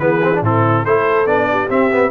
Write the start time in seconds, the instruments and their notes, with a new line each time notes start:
0.00 tuba E3, trombone B3, horn G#4, trumpet B4
0.23 trombone C4
0.34 trombone D4
0.42 tuba A2, trombone C4, horn E4, trumpet A4
0.85 tuba A3, trombone E4, horn A4, trumpet C5
1.26 tuba B3, trombone D4, trumpet D5
1.51 horn G4
1.70 trombone C4, tuba C4, trumpet E5
1.91 trombone B3